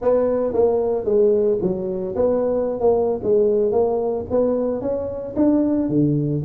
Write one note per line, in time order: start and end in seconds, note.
0.01 0.53 B3
0.53 1.04 A#3
1.04 1.58 G#3
1.61 2.15 F#3
2.15 2.80 B3
2.80 3.20 A#3
3.23 3.71 G#3
3.71 4.25 A#3
4.30 4.81 B3
4.81 5.34 C#4
5.35 5.89 D4
5.89 6.42 D3